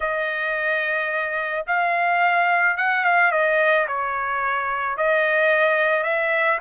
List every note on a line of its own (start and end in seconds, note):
0.00 1.65 D#5
1.67 2.77 F5
2.77 3.04 F#5
3.04 3.31 F5
3.31 3.86 D#5
3.87 4.97 C#5
4.97 6.03 D#5
6.03 6.58 E5